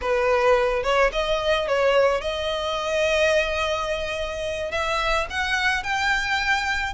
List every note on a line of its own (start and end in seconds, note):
0.01 0.83 B4
0.83 1.11 C#5
1.12 1.67 D#5
1.67 2.21 C#5
2.21 4.71 D#5
4.71 5.27 E5
5.30 5.83 F#5
5.83 6.93 G5